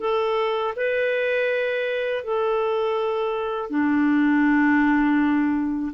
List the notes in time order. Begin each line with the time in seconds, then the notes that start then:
0.00 A4
0.76 B4
2.24 A4
3.70 D4